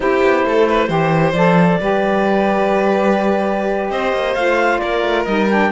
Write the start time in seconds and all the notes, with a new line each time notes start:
0.00 C4 E4 G4 C5
0.22 B3
0.44 A3 A4
0.68 B4
0.88 E3 G4 C5
1.32 F3 A4 D5
1.80 G3 G4 B4
3.89 C4 C5 D#5
4.12 A#3
4.35 A3 F4 F5
4.78 A#3 A#4 D5
5.03 A3
5.24 G3 D#4 D#5
5.49 D4 G5